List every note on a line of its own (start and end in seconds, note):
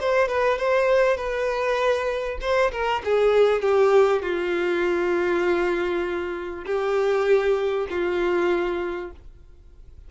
0.00 0.28 C5
0.28 0.58 B4
0.58 1.17 C5
1.17 2.38 B4
2.41 2.71 C5
2.72 3.02 A#4
3.04 3.62 G#4
3.62 4.22 G4
4.22 6.64 F4
6.65 7.87 G4
7.90 9.11 F4